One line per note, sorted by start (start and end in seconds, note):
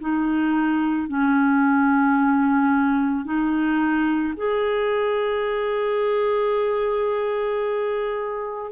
0.00 1.08 D#4
1.08 3.25 C#4
3.25 4.34 D#4
4.37 8.72 G#4